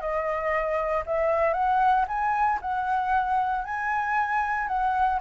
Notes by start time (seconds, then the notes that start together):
0.00 D#5
1.06 E5
1.53 F#5
2.07 G#5
2.61 F#5
3.64 G#5
4.68 F#5